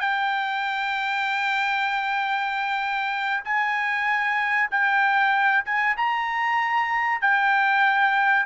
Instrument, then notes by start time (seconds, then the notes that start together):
trumpet
0.00 G5
3.45 G#5
4.71 G5
5.65 G#5
5.97 A#5
7.21 G5